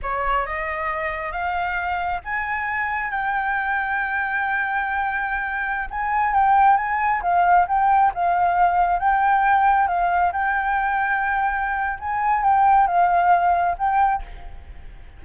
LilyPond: \new Staff \with { instrumentName = "flute" } { \time 4/4 \tempo 4 = 135 cis''4 dis''2 f''4~ | f''4 gis''2 g''4~ | g''1~ | g''4~ g''16 gis''4 g''4 gis''8.~ |
gis''16 f''4 g''4 f''4.~ f''16~ | f''16 g''2 f''4 g''8.~ | g''2. gis''4 | g''4 f''2 g''4 | }